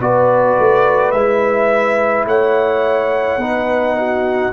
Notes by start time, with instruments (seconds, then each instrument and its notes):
0.00 tuba B3, trombone F#4, horn B4, trumpet D5
0.58 tuba A3
1.11 tuba G#3, trombone E4, trumpet E5
2.25 tuba A3, horn C#5, trumpet F#5
3.37 tuba B3, trombone D#4, horn B4
3.97 horn F#4